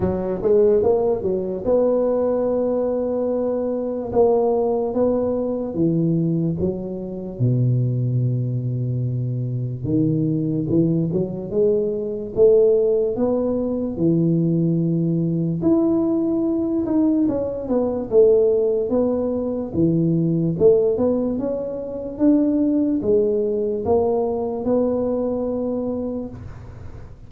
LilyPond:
\new Staff \with { instrumentName = "tuba" } { \time 4/4 \tempo 4 = 73 fis8 gis8 ais8 fis8 b2~ | b4 ais4 b4 e4 | fis4 b,2. | dis4 e8 fis8 gis4 a4 |
b4 e2 e'4~ | e'8 dis'8 cis'8 b8 a4 b4 | e4 a8 b8 cis'4 d'4 | gis4 ais4 b2 | }